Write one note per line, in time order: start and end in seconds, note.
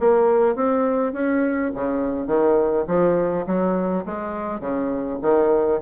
0.00 0.56 A#3
0.56 1.13 C4
1.13 1.72 C#4
1.75 2.27 C#3
2.27 2.86 D#3
2.88 3.46 F3
3.47 4.05 F#3
4.06 4.61 G#3
4.61 5.19 C#3
5.22 5.81 D#3